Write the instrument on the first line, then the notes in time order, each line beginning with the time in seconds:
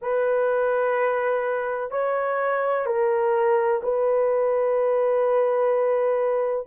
horn
0.01 B4
1.90 C#5
2.86 A#4
3.82 B4